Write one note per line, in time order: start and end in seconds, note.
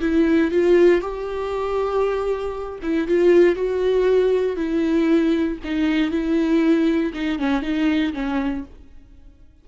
0.00 0.51 E4
0.51 1.01 F4
1.01 2.79 G4
2.82 3.08 E4
3.08 3.55 F4
3.55 4.56 F#4
4.56 5.58 E4
5.64 6.11 D#4
6.11 7.13 E4
7.13 7.38 D#4
7.38 7.62 C#4
7.62 8.13 D#4
8.13 8.64 C#4